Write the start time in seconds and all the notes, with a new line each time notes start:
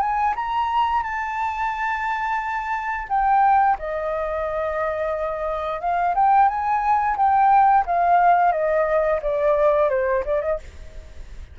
0.00 G#5
0.35 A#5
1.03 A5
3.09 G5
3.79 D#5
5.80 F5
6.15 G5
6.48 G#5
7.17 G5
7.86 F5
8.52 D#5
9.22 D5
9.90 C5
10.25 D5
10.41 D#5